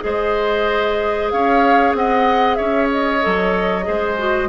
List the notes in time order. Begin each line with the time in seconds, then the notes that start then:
0.00 G#3 G#4 C5 D#5
1.30 C#4 C#5 F5
1.93 C4 D#5 F#5
2.55 C#4 C#5 E5
2.91 D#5
3.21 F#3 A4
3.82 G#3 G#4 C5
4.18 F#4